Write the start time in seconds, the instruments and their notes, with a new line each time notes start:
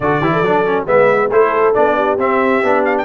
0.00 tuba D3, trombone F#4, horn A4, trumpet D5
0.20 tuba E3, trombone E4, horn G4
0.33 horn A4
0.41 tuba F#3, trombone D4
0.65 trombone C#4
0.86 tuba G#3, trombone B3, horn B4, trumpet E5
1.30 tuba A3, trombone E4, horn A4, trumpet C5
1.74 tuba B3, trombone D4, trumpet D5
1.95 horn G4
2.17 tuba C4, trombone C4, trumpet E5
2.63 tuba B3, trombone D4
2.84 trumpet F5
2.98 trumpet G5